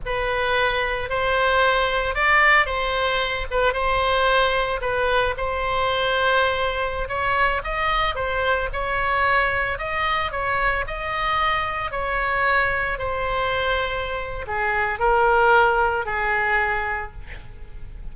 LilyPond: \new Staff \with { instrumentName = "oboe" } { \time 4/4 \tempo 4 = 112 b'2 c''2 | d''4 c''4. b'8 c''4~ | c''4 b'4 c''2~ | c''4~ c''16 cis''4 dis''4 c''8.~ |
c''16 cis''2 dis''4 cis''8.~ | cis''16 dis''2 cis''4.~ cis''16~ | cis''16 c''2~ c''8. gis'4 | ais'2 gis'2 | }